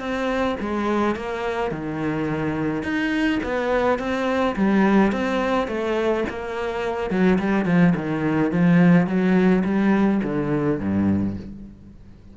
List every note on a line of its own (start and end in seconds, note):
0.00 0.57 C4
0.60 1.16 G#3
1.16 1.72 A#3
1.72 2.83 D#3
2.83 3.40 D#4
3.44 3.99 B3
3.99 4.56 C4
4.56 5.12 G3
5.12 5.68 C4
5.68 6.24 A3
6.30 7.11 A#3
7.11 7.39 F#3
7.39 7.66 G3
7.66 7.94 F3
7.96 8.52 D#3
8.52 9.07 F3
9.07 9.64 F#3
9.65 10.21 G3
10.24 10.80 D3
10.81 11.37 G2